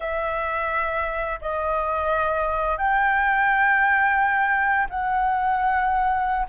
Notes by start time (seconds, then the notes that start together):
0.00 E5
1.41 D#5
2.77 G5
4.89 F#5